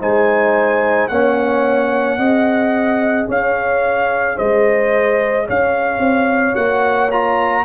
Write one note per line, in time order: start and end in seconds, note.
0.00 1.09 G#3
0.00 1.09 D#4
0.00 1.09 C5
0.00 1.08 G#5
1.08 2.17 A#3
1.08 2.19 C#4
1.08 2.18 C#5
1.08 3.26 F#5
2.17 3.27 C4
2.17 6.54 G#4
2.17 3.27 D#5
3.28 4.37 C#4
3.28 4.36 C#5
3.28 4.37 F5
4.36 5.48 G#3
4.36 5.45 C5
4.36 5.47 D#5
5.46 5.98 C#4
5.46 7.64 C#5
5.46 6.55 F5
5.98 6.53 C4
6.54 7.65 A#3
6.54 7.08 F#4
6.54 7.10 F#5
7.11 7.65 F4
7.11 7.65 A#5